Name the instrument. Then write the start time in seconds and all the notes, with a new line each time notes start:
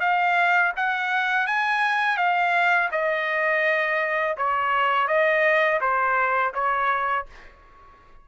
trumpet
0.00 F5
0.76 F#5
1.47 G#5
2.17 F5
2.92 D#5
4.37 C#5
5.08 D#5
5.81 C5
6.54 C#5